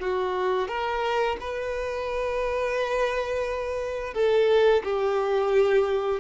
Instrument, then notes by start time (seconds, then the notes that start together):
violin
0.00 F#4
0.68 A#4
1.40 B4
4.14 A4
4.84 G4